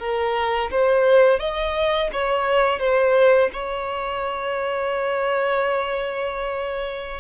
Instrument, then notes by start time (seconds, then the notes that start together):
violin
0.00 A#4
0.72 C5
1.40 D#5
2.13 C#5
2.80 C5
3.53 C#5